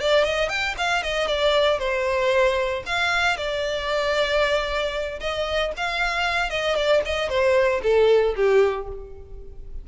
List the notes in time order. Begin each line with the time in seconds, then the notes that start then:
0.00 D5
0.24 D#5
0.48 G5
0.77 F5
1.02 D#5
1.27 D5
1.79 C5
2.86 F5
3.37 D5
5.20 D#5
5.76 F5
6.50 D#5
6.75 D5
7.05 D#5
7.29 C5
7.82 A4
8.35 G4